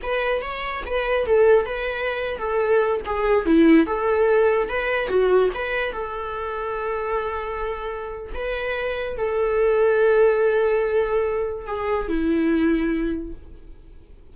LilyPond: \new Staff \with { instrumentName = "viola" } { \time 4/4 \tempo 4 = 144 b'4 cis''4 b'4 a'4 | b'4.~ b'16 a'4. gis'8.~ | gis'16 e'4 a'2 b'8.~ | b'16 fis'4 b'4 a'4.~ a'16~ |
a'1 | b'2 a'2~ | a'1 | gis'4 e'2. | }